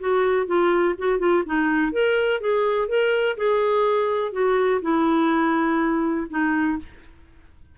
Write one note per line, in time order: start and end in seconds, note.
0.00 0.47 F#4
0.47 0.95 F4
0.99 1.19 F#4
1.19 1.44 F4
1.46 1.92 D#4
1.92 2.41 A#4
2.41 2.89 G#4
2.89 3.37 A#4
3.37 4.32 G#4
4.32 4.81 F#4
4.82 6.27 E4
6.30 6.79 D#4